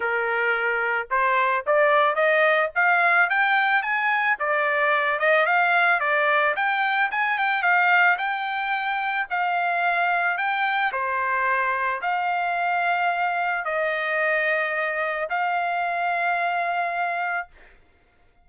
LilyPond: \new Staff \with { instrumentName = "trumpet" } { \time 4/4 \tempo 4 = 110 ais'2 c''4 d''4 | dis''4 f''4 g''4 gis''4 | d''4. dis''8 f''4 d''4 | g''4 gis''8 g''8 f''4 g''4~ |
g''4 f''2 g''4 | c''2 f''2~ | f''4 dis''2. | f''1 | }